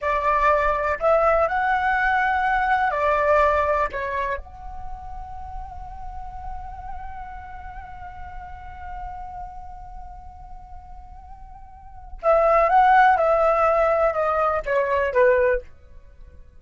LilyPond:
\new Staff \with { instrumentName = "flute" } { \time 4/4 \tempo 4 = 123 d''2 e''4 fis''4~ | fis''2 d''2 | cis''4 fis''2.~ | fis''1~ |
fis''1~ | fis''1~ | fis''4 e''4 fis''4 e''4~ | e''4 dis''4 cis''4 b'4 | }